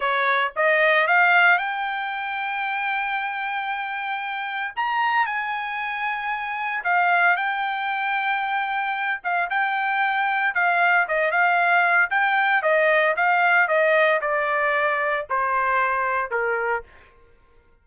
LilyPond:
\new Staff \with { instrumentName = "trumpet" } { \time 4/4 \tempo 4 = 114 cis''4 dis''4 f''4 g''4~ | g''1~ | g''4 ais''4 gis''2~ | gis''4 f''4 g''2~ |
g''4. f''8 g''2 | f''4 dis''8 f''4. g''4 | dis''4 f''4 dis''4 d''4~ | d''4 c''2 ais'4 | }